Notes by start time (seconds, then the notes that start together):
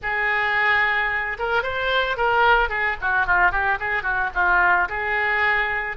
0.02 G#4
1.38 A#4
1.62 C5
2.16 A#4
2.69 G#4
3.01 F#4
3.26 F4
3.51 G4
3.79 G#4
4.02 F#4
4.34 F4
4.88 G#4